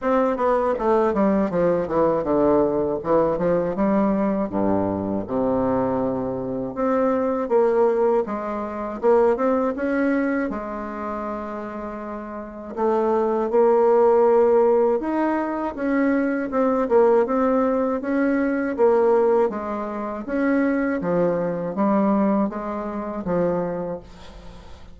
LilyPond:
\new Staff \with { instrumentName = "bassoon" } { \time 4/4 \tempo 4 = 80 c'8 b8 a8 g8 f8 e8 d4 | e8 f8 g4 g,4 c4~ | c4 c'4 ais4 gis4 | ais8 c'8 cis'4 gis2~ |
gis4 a4 ais2 | dis'4 cis'4 c'8 ais8 c'4 | cis'4 ais4 gis4 cis'4 | f4 g4 gis4 f4 | }